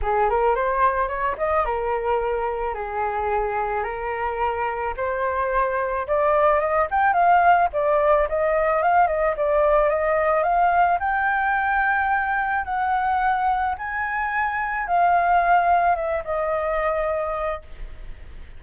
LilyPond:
\new Staff \with { instrumentName = "flute" } { \time 4/4 \tempo 4 = 109 gis'8 ais'8 c''4 cis''8 dis''8 ais'4~ | ais'4 gis'2 ais'4~ | ais'4 c''2 d''4 | dis''8 g''8 f''4 d''4 dis''4 |
f''8 dis''8 d''4 dis''4 f''4 | g''2. fis''4~ | fis''4 gis''2 f''4~ | f''4 e''8 dis''2~ dis''8 | }